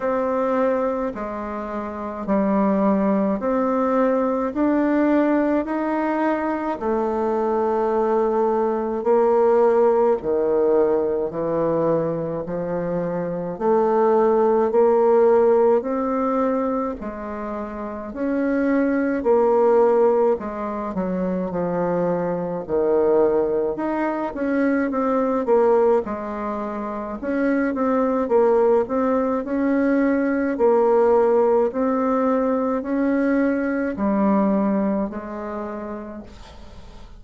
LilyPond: \new Staff \with { instrumentName = "bassoon" } { \time 4/4 \tempo 4 = 53 c'4 gis4 g4 c'4 | d'4 dis'4 a2 | ais4 dis4 e4 f4 | a4 ais4 c'4 gis4 |
cis'4 ais4 gis8 fis8 f4 | dis4 dis'8 cis'8 c'8 ais8 gis4 | cis'8 c'8 ais8 c'8 cis'4 ais4 | c'4 cis'4 g4 gis4 | }